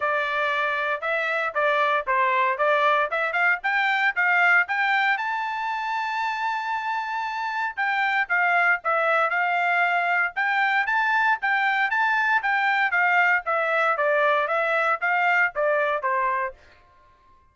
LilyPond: \new Staff \with { instrumentName = "trumpet" } { \time 4/4 \tempo 4 = 116 d''2 e''4 d''4 | c''4 d''4 e''8 f''8 g''4 | f''4 g''4 a''2~ | a''2. g''4 |
f''4 e''4 f''2 | g''4 a''4 g''4 a''4 | g''4 f''4 e''4 d''4 | e''4 f''4 d''4 c''4 | }